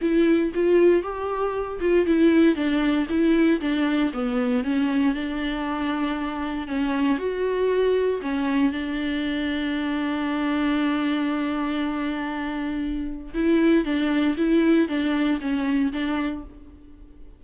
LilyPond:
\new Staff \with { instrumentName = "viola" } { \time 4/4 \tempo 4 = 117 e'4 f'4 g'4. f'8 | e'4 d'4 e'4 d'4 | b4 cis'4 d'2~ | d'4 cis'4 fis'2 |
cis'4 d'2.~ | d'1~ | d'2 e'4 d'4 | e'4 d'4 cis'4 d'4 | }